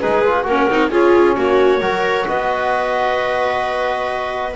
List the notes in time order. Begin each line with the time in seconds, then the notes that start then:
0.00 G#3 D#4 G#4 B4
0.25 F4
0.44 A#3 C#4 F#4 A#4
0.70 C4 D#4
0.90 C#4 F4 G#4
1.36 A#3 F#4 C#5
1.80 F#3 F#4 A#4
2.28 B3 B4 D#5